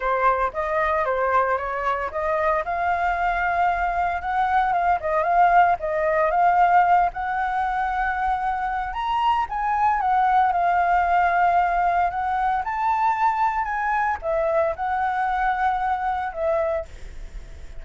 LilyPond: \new Staff \with { instrumentName = "flute" } { \time 4/4 \tempo 4 = 114 c''4 dis''4 c''4 cis''4 | dis''4 f''2. | fis''4 f''8 dis''8 f''4 dis''4 | f''4. fis''2~ fis''8~ |
fis''4 ais''4 gis''4 fis''4 | f''2. fis''4 | a''2 gis''4 e''4 | fis''2. e''4 | }